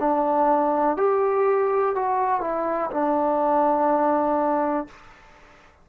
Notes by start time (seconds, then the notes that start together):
0.00 D4
0.97 G4
1.95 F#4
2.41 E4
2.91 D4